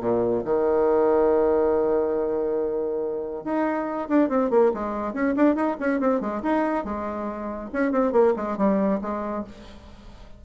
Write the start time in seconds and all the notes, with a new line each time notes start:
0.00 A#2
0.44 D#3
3.44 D#4
4.08 D4
4.29 C4
4.50 A#3
4.73 G#3
5.13 C#4
5.36 D4
5.55 D#4
5.80 C#4
6.00 C4
6.20 G#3
6.42 D#4
6.84 G#3
7.72 C#4
7.91 C4
8.12 A#3
8.36 G#3
8.57 G3
9.01 G#3